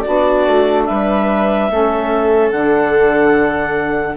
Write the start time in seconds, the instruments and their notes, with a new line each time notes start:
0.00 saxophone D4, viola F#4, clarinet D5
0.07 bassoon B3
0.46 bassoon A3
0.85 bassoon G3, viola B4, clarinet E5
1.70 bassoon A3, saxophone C#4, viola A4
2.50 bassoon D3, saxophone D4, clarinet F#5